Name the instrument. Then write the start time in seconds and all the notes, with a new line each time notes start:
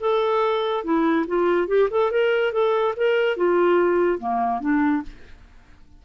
clarinet
0.00 A4
0.84 E4
1.27 F4
1.68 G4
1.91 A4
2.11 A#4
2.53 A4
2.96 A#4
3.37 F4
4.19 A#3
4.61 D4